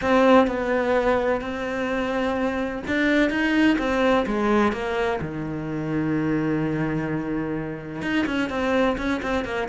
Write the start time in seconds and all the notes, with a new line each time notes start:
0.01 C4
0.47 B3
1.41 C4
2.87 D4
3.30 D#4
3.78 C4
4.26 G#3
4.72 A#3
5.21 D#3
8.02 D#4
8.26 C#4
8.49 C4
8.97 C#4
9.22 C4
9.44 A#3